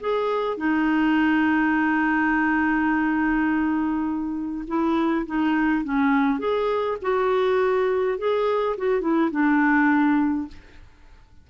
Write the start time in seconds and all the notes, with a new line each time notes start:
0.00 G#4
0.57 D#4
4.67 E4
5.26 D#4
5.84 C#4
6.39 G#4
7.02 F#4
8.18 G#4
8.77 F#4
9.01 E4
9.31 D4